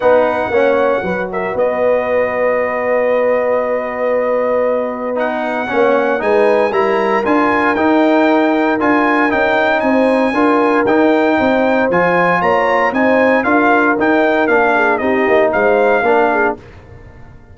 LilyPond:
<<
  \new Staff \with { instrumentName = "trumpet" } { \time 4/4 \tempo 4 = 116 fis''2~ fis''8 e''8 dis''4~ | dis''1~ | dis''2 fis''2 | gis''4 ais''4 gis''4 g''4~ |
g''4 gis''4 g''4 gis''4~ | gis''4 g''2 gis''4 | ais''4 gis''4 f''4 g''4 | f''4 dis''4 f''2 | }
  \new Staff \with { instrumentName = "horn" } { \time 4/4 b'4 cis''4 b'8 ais'8 b'4~ | b'1~ | b'2. cis''4 | b'4 ais'2.~ |
ais'2. c''4 | ais'2 c''2 | cis''4 c''4 ais'2~ | ais'8 gis'8 g'4 c''4 ais'8 gis'8 | }
  \new Staff \with { instrumentName = "trombone" } { \time 4/4 dis'4 cis'4 fis'2~ | fis'1~ | fis'2 dis'4 cis'4 | dis'4 e'4 f'4 dis'4~ |
dis'4 f'4 dis'2 | f'4 dis'2 f'4~ | f'4 dis'4 f'4 dis'4 | d'4 dis'2 d'4 | }
  \new Staff \with { instrumentName = "tuba" } { \time 4/4 b4 ais4 fis4 b4~ | b1~ | b2. ais4 | gis4 g4 d'4 dis'4~ |
dis'4 d'4 cis'4 c'4 | d'4 dis'4 c'4 f4 | ais4 c'4 d'4 dis'4 | ais4 c'8 ais8 gis4 ais4 | }
>>